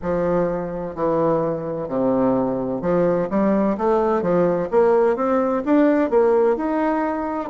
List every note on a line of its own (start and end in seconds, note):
0.02 0.95 F3
0.95 1.88 E3
1.88 2.81 C3
2.81 3.28 F3
3.30 3.77 G3
3.77 4.21 A3
4.21 4.68 F3
4.70 5.16 A#3
5.16 5.62 C4
5.65 6.10 D4
6.10 6.56 A#3
6.56 7.49 D#4